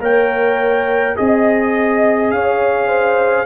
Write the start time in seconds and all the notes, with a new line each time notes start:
0.00 A#3 A#4 C#5 G5
1.16 C4 G#4 D#5
2.31 C#4 C#5 F5
2.87 C5